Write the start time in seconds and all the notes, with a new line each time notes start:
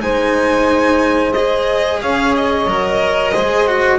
0.00 G#3 D#4 C5 G#5
1.32 G#4 D#5
2.01 C#4 C#5 F5
2.35 D#5
2.66 F#3 A#4
3.32 G#3 G#4 C5
3.67 F#4